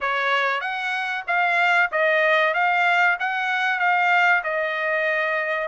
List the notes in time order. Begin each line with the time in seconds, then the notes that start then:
0.00 C#5
0.60 F#5
1.27 F5
1.91 D#5
2.54 F5
3.19 F#5
3.79 F5
4.43 D#5